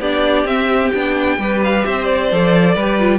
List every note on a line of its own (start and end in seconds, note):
0.00 0.45 B3
0.00 0.47 D4
0.00 1.39 G4
0.00 0.47 D5
0.45 0.91 C4
0.45 0.93 C4
0.45 0.91 E5
0.91 1.38 B3
0.91 1.40 D4
0.91 1.60 G5
1.38 1.85 G3
1.38 2.32 G4
1.38 1.87 B4
1.64 1.85 F5
1.85 2.32 C4
1.85 2.75 C5
1.85 2.05 E5
2.05 3.20 D5
2.32 2.76 F3
2.32 2.78 A4
2.75 3.20 G3
2.75 3.00 G4
2.75 3.20 B4
3.00 3.20 F4